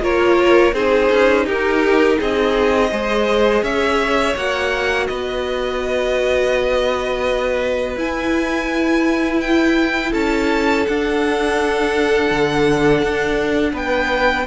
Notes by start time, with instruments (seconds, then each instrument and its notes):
0.00 cello A#3, viola F4, violin A#4 C#5
0.72 cello C4, viola D#4, violin G#4 C5
1.11 cello C#4
1.45 cello D#4, violin G4 A#4
2.18 cello C4, violin G#4 D#5
2.91 cello G#3, viola G#4, violin C5
3.62 cello C#4, violin C#5 E5
4.35 cello A#3, viola F#4, violin F#5
5.07 cello B3, violin B4 D#5
7.96 cello E4, viola E4, violin G#5
9.40 violin G5
10.10 cello C#4, violin A4 A5
10.86 viola D4, cello D4, violin F#5
12.30 cello D3
13.03 cello D4
13.73 cello B3, violin B4 G5